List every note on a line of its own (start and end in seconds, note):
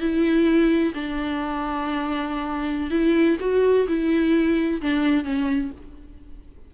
0.00 0.93 E4
0.94 2.90 D4
2.90 3.37 E4
3.40 3.87 F#4
3.88 4.81 E4
4.81 5.24 D4
5.24 5.71 C#4